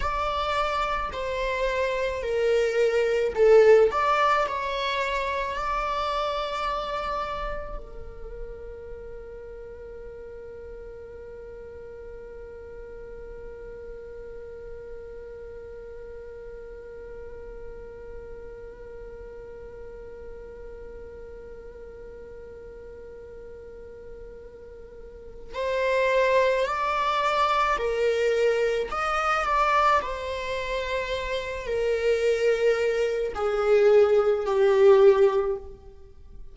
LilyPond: \new Staff \with { instrumentName = "viola" } { \time 4/4 \tempo 4 = 54 d''4 c''4 ais'4 a'8 d''8 | cis''4 d''2 ais'4~ | ais'1~ | ais'1~ |
ais'1~ | ais'2. c''4 | d''4 ais'4 dis''8 d''8 c''4~ | c''8 ais'4. gis'4 g'4 | }